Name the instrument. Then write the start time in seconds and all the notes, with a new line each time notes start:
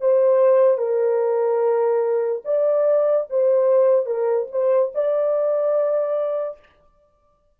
horn
0.00 C5
0.77 A#4
2.44 D5
3.30 C5
4.06 A#4
4.51 C5
4.94 D5